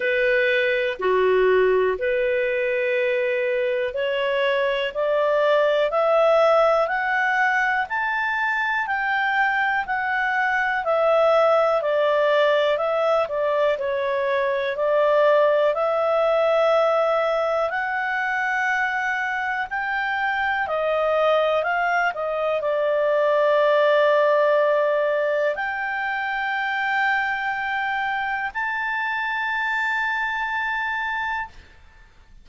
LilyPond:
\new Staff \with { instrumentName = "clarinet" } { \time 4/4 \tempo 4 = 61 b'4 fis'4 b'2 | cis''4 d''4 e''4 fis''4 | a''4 g''4 fis''4 e''4 | d''4 e''8 d''8 cis''4 d''4 |
e''2 fis''2 | g''4 dis''4 f''8 dis''8 d''4~ | d''2 g''2~ | g''4 a''2. | }